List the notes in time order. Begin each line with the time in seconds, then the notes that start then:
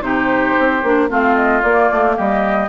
0.00 C3 D#4 G4 C5
0.58 C4
0.83 A#3 D4
1.09 A3 C4 F4 F5
1.35 D#5
1.62 A#3 D5
1.91 A3
2.16 G3 G4 D#5